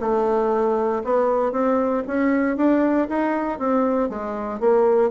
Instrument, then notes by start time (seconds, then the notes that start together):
bassoon
0.00 A3
1.04 B3
1.52 C4
2.07 C#4
2.56 D4
3.09 D#4
3.59 C4
4.09 G#3
4.60 A#3